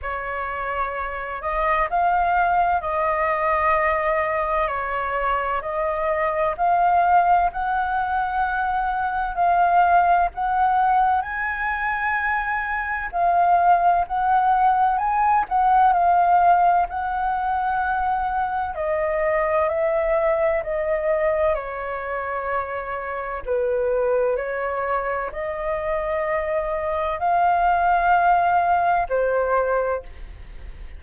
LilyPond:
\new Staff \with { instrumentName = "flute" } { \time 4/4 \tempo 4 = 64 cis''4. dis''8 f''4 dis''4~ | dis''4 cis''4 dis''4 f''4 | fis''2 f''4 fis''4 | gis''2 f''4 fis''4 |
gis''8 fis''8 f''4 fis''2 | dis''4 e''4 dis''4 cis''4~ | cis''4 b'4 cis''4 dis''4~ | dis''4 f''2 c''4 | }